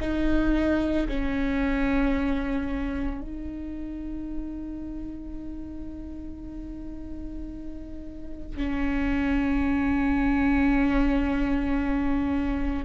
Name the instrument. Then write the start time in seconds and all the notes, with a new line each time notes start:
viola
0.00 D#4
1.08 C#4
3.21 D#4
8.57 C#4